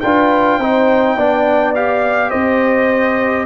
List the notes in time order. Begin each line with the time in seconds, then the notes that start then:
0.00 D4 F4 B4 G5
0.58 C4 D#4 C5
1.15 B3 D4 D5
1.75 G4 F5
2.30 C4 C5 D#5